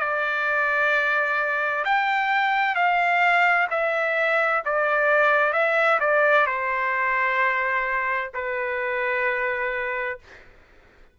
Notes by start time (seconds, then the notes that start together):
0.00 D5
1.85 G5
2.76 F5
3.71 E5
4.65 D5
5.53 E5
6.00 D5
6.47 C5
8.35 B4